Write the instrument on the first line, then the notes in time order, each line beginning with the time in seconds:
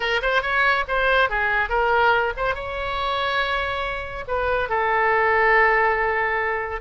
oboe
0.00 A#4
0.21 C5
0.42 C#5
0.87 C5
1.29 G#4
1.69 A#4
2.36 C5
2.54 C#5
4.27 B4
4.69 A4